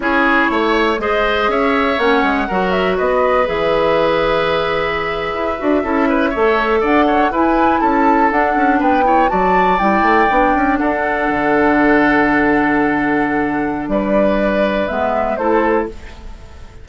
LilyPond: <<
  \new Staff \with { instrumentName = "flute" } { \time 4/4 \tempo 4 = 121 cis''2 dis''4 e''4 | fis''4. e''8 dis''4 e''4~ | e''1~ | e''4.~ e''16 fis''4 gis''4 a''16~ |
a''8. fis''4 g''4 a''4 g''16~ | g''4.~ g''16 fis''2~ fis''16~ | fis''1 | d''2 e''4 c''4 | }
  \new Staff \with { instrumentName = "oboe" } { \time 4/4 gis'4 cis''4 c''4 cis''4~ | cis''4 ais'4 b'2~ | b'2.~ b'8. a'16~ | a'16 b'8 cis''4 d''8 cis''8 b'4 a'16~ |
a'4.~ a'16 b'8 cis''8 d''4~ d''16~ | d''4.~ d''16 a'2~ a'16~ | a'1 | b'2. a'4 | }
  \new Staff \with { instrumentName = "clarinet" } { \time 4/4 e'2 gis'2 | cis'4 fis'2 gis'4~ | gis'2.~ gis'16 fis'8 e'16~ | e'8. a'2 e'4~ e'16~ |
e'8. d'4. e'8 fis'4 e'16~ | e'8. d'2.~ d'16~ | d'1~ | d'2 b4 e'4 | }
  \new Staff \with { instrumentName = "bassoon" } { \time 4/4 cis'4 a4 gis4 cis'4 | ais8 gis8 fis4 b4 e4~ | e2~ e8. e'8 d'8 cis'16~ | cis'8. a4 d'4 e'4 cis'16~ |
cis'8. d'8 cis'8 b4 fis4 g16~ | g16 a8 b8 cis'8 d'4 d4~ d16~ | d1 | g2 gis4 a4 | }
>>